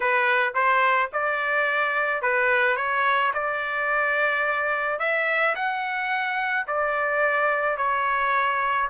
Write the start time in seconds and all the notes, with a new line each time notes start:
0.00 B4
0.54 C5
1.12 D5
2.22 B4
2.76 C#5
3.33 D5
4.99 E5
5.55 F#5
6.67 D5
7.77 C#5